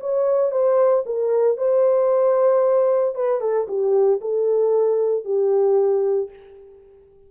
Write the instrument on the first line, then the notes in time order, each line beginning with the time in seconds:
horn
0.00 C#5
0.51 C5
1.06 A#4
1.57 C5
3.15 B4
3.41 A4
3.68 G4
4.21 A4
5.24 G4